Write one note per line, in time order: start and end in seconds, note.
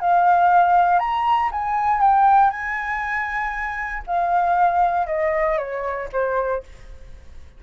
0.00 0.99 F5
0.99 1.50 A#5
1.52 2.01 G#5
2.01 2.51 G5
2.51 4.03 G#5
4.07 5.07 F5
5.07 5.58 D#5
5.58 6.09 C#5
6.12 6.63 C5